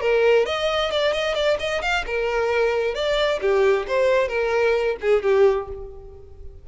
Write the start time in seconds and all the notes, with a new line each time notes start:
0.00 A#4
0.45 D#5
0.91 D5
1.13 D#5
1.34 D5
1.59 D#5
1.81 F5
2.06 A#4
2.94 D5
3.41 G4
3.87 C5
4.28 A#4
5.01 G#4
5.22 G4